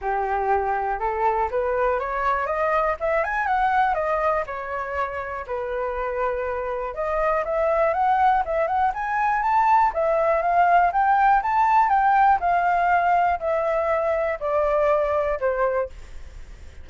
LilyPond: \new Staff \with { instrumentName = "flute" } { \time 4/4 \tempo 4 = 121 g'2 a'4 b'4 | cis''4 dis''4 e''8 gis''8 fis''4 | dis''4 cis''2 b'4~ | b'2 dis''4 e''4 |
fis''4 e''8 fis''8 gis''4 a''4 | e''4 f''4 g''4 a''4 | g''4 f''2 e''4~ | e''4 d''2 c''4 | }